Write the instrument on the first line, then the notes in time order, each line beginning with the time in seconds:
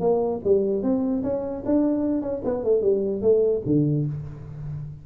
tuba
0.00 A#3
0.44 G3
0.82 C4
1.23 C#4
1.65 D4
2.21 C#4
2.44 B3
2.63 A3
2.81 G3
3.21 A3
3.66 D3